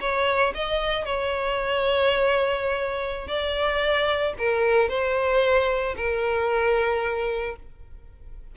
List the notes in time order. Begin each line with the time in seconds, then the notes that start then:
0.00 C#5
0.55 D#5
1.05 C#5
3.27 D5
4.38 A#4
4.89 C5
5.96 A#4